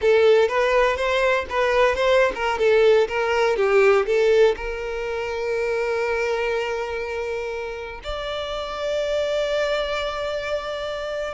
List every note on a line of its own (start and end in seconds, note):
0.01 0.48 A4
0.48 0.96 B4
0.96 1.45 C5
1.49 1.95 B4
1.95 2.32 C5
2.35 2.58 A#4
2.58 3.07 A4
3.07 3.56 A#4
3.56 4.05 G4
4.06 4.55 A4
4.56 8.00 A#4
8.03 11.34 D5